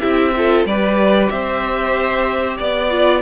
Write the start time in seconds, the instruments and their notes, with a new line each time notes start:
0.00 cello C4, viola E4, violin G4 E5
0.36 viola F4, violin A4
0.65 cello G3, viola G4, violin B4 D5
1.29 cello C4, violin C5 E5
2.57 cello B3, violin D5
2.90 viola F4